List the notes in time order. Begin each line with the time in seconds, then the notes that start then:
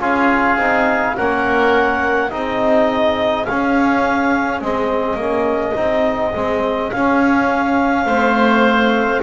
0.00 C#4 F4 G#4 F5
0.57 C4 D#4
1.16 A#3 C#4 A#4 F#5
2.31 C4 D#4 G#4 D#5
3.45 C#4 F5
4.62 G#3 C4 D#5
5.15 A#3 C#4
5.75 C4 D#4
6.35 G#3 C4
6.92 C#4 F5
8.06 A3 C4 C5